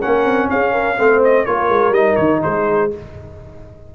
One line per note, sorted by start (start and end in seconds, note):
0.00 0.25 A#3
0.00 0.97 C#4
0.00 0.49 A#4
0.00 0.50 F#5
0.25 0.49 C4
0.50 0.99 C#4
0.50 0.72 G#4
0.50 1.23 F5
0.72 0.96 A#4
0.97 1.47 A3
0.97 1.47 C4
0.97 1.46 C5
1.24 1.46 D#5
1.46 1.69 A#3
1.46 1.94 F4
1.46 2.43 A#4
1.46 1.94 C#5
1.69 1.91 G#3
1.91 2.15 G3
1.91 2.91 D#4
1.91 2.16 D#5
2.16 2.43 D#3
2.16 2.40 C#5
2.43 2.94 G#3
2.43 2.95 G#4
2.43 2.92 C5